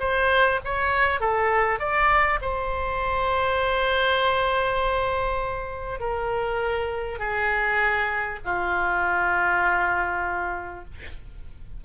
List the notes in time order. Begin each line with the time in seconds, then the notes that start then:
0.00 C5
0.65 C#5
1.20 A4
1.80 D5
2.42 C5
6.00 A#4
7.19 G#4
8.45 F4